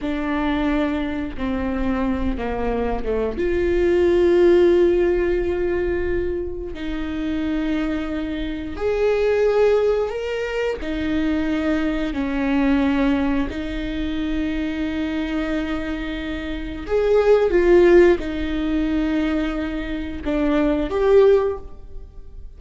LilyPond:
\new Staff \with { instrumentName = "viola" } { \time 4/4 \tempo 4 = 89 d'2 c'4. ais8~ | ais8 a8 f'2.~ | f'2 dis'2~ | dis'4 gis'2 ais'4 |
dis'2 cis'2 | dis'1~ | dis'4 gis'4 f'4 dis'4~ | dis'2 d'4 g'4 | }